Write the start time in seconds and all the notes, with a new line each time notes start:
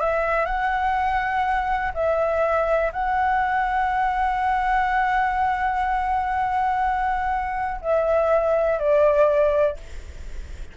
0.00 E5
0.46 F#5
1.94 E5
2.92 F#5
7.81 E5
8.78 D5